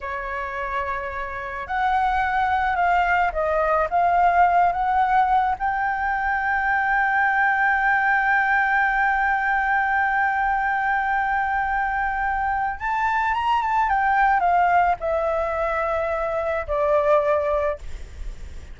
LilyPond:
\new Staff \with { instrumentName = "flute" } { \time 4/4 \tempo 4 = 108 cis''2. fis''4~ | fis''4 f''4 dis''4 f''4~ | f''8 fis''4. g''2~ | g''1~ |
g''1~ | g''2. a''4 | ais''8 a''8 g''4 f''4 e''4~ | e''2 d''2 | }